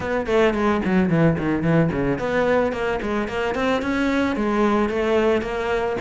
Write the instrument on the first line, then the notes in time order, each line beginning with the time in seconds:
cello
0.00 B3
0.26 A3
0.53 G#3
0.84 F#3
1.09 E3
1.38 D#3
1.62 E3
1.92 C#3
2.18 B3
2.72 A#3
3.01 G#3
3.28 A#3
3.55 C4
3.82 C#4
4.36 G#3
4.89 A3
5.41 A#3